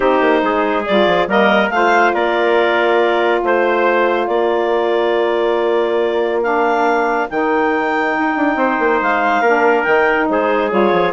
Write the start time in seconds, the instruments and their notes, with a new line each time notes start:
0.00 bassoon C4, saxophone D#4, trumpet G4, clarinet C5
0.21 bassoon A#3
0.42 bassoon G#3, trumpet G#4
0.85 bassoon G3, saxophone F4, clarinet D5
1.06 bassoon F3
1.27 bassoon G3, saxophone A#3, trumpet A#4, clarinet D#5
1.69 bassoon A3, saxophone F4, trumpet C5, clarinet F5
2.13 bassoon A#3, trumpet A#4, clarinet D5
3.43 bassoon A3, clarinet C5, trumpet C5
4.27 bassoon A#3, trumpet A#4, clarinet D5
6.42 saxophone D4, clarinet F5
7.29 bassoon D#3, saxophone D#4, clarinet G5
8.18 bassoon D#4
8.36 bassoon D4
8.55 bassoon C4, trumpet C5
8.79 bassoon A#3
9.01 bassoon G#3, clarinet F5
9.41 bassoon A#3, saxophone D4, trumpet A#4
9.83 bassoon D#3, saxophone D#4, clarinet G5
10.29 bassoon G#3, trumpet G#4, clarinet C5
10.70 bassoon G3, saxophone F4, clarinet C#5
10.92 bassoon F3